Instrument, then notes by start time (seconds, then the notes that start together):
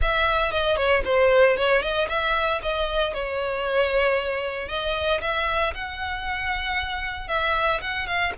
violin
0.01 E5
0.51 D#5
0.76 C#5
1.04 C5
1.56 C#5
1.81 D#5
2.09 E5
2.62 D#5
3.13 C#5
4.68 D#5
5.21 E5
5.74 F#5
7.28 E5
7.81 F#5
8.06 F5